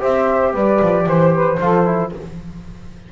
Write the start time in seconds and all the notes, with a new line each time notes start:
0.00 C4 G4 C5 E5
0.52 G3 B4 D5
0.82 F3
1.07 E3 C5
1.34 B4
1.60 F3 F4 A4
1.85 E4